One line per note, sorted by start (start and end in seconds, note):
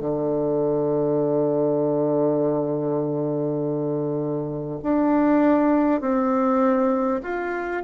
0.00 4.80 D3
4.83 6.01 D4
6.01 7.21 C4
7.23 7.83 F4